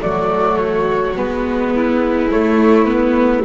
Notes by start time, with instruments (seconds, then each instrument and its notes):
0.00 double bass F#3, viola A3, violin F#4, flute D5
0.57 flute C#5
1.16 double bass G#3, viola B3, flute B4
1.75 violin E4
2.31 viola A3, double bass A3, flute C#5
2.85 viola B3, flute B4